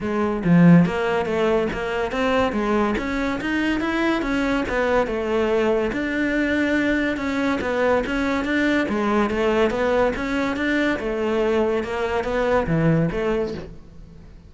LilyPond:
\new Staff \with { instrumentName = "cello" } { \time 4/4 \tempo 4 = 142 gis4 f4 ais4 a4 | ais4 c'4 gis4 cis'4 | dis'4 e'4 cis'4 b4 | a2 d'2~ |
d'4 cis'4 b4 cis'4 | d'4 gis4 a4 b4 | cis'4 d'4 a2 | ais4 b4 e4 a4 | }